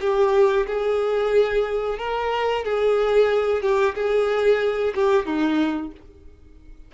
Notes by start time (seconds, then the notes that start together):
0.00 G4
0.66 G#4
1.98 A#4
2.64 G#4
3.61 G4
3.95 G#4
4.95 G4
5.25 D#4